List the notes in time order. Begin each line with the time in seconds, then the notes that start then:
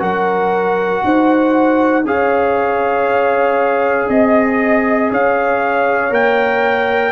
0.00 F#3 F#4 A#4 F#5
1.05 D#4 C5
2.04 C#4 G#4 C#5 F5
4.09 C4 D#5
5.11 C#4 C#5 F5
6.11 A#3 A#4 G5